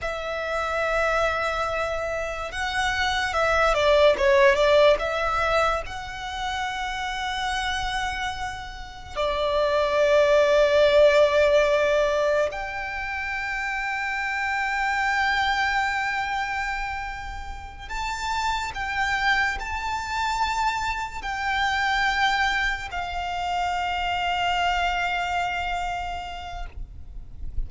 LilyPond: \new Staff \with { instrumentName = "violin" } { \time 4/4 \tempo 4 = 72 e''2. fis''4 | e''8 d''8 cis''8 d''8 e''4 fis''4~ | fis''2. d''4~ | d''2. g''4~ |
g''1~ | g''4. a''4 g''4 a''8~ | a''4. g''2 f''8~ | f''1 | }